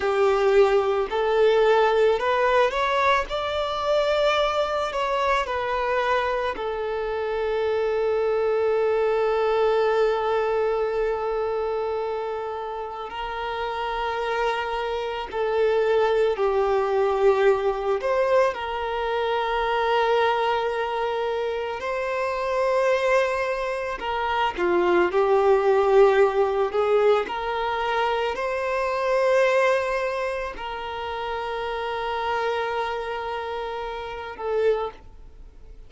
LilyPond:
\new Staff \with { instrumentName = "violin" } { \time 4/4 \tempo 4 = 55 g'4 a'4 b'8 cis''8 d''4~ | d''8 cis''8 b'4 a'2~ | a'1 | ais'2 a'4 g'4~ |
g'8 c''8 ais'2. | c''2 ais'8 f'8 g'4~ | g'8 gis'8 ais'4 c''2 | ais'2.~ ais'8 a'8 | }